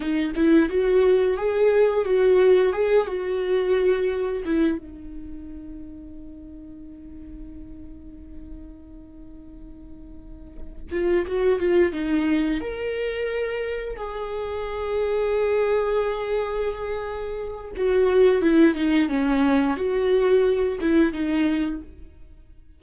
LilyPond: \new Staff \with { instrumentName = "viola" } { \time 4/4 \tempo 4 = 88 dis'8 e'8 fis'4 gis'4 fis'4 | gis'8 fis'2 e'8 dis'4~ | dis'1~ | dis'1 |
f'8 fis'8 f'8 dis'4 ais'4.~ | ais'8 gis'2.~ gis'8~ | gis'2 fis'4 e'8 dis'8 | cis'4 fis'4. e'8 dis'4 | }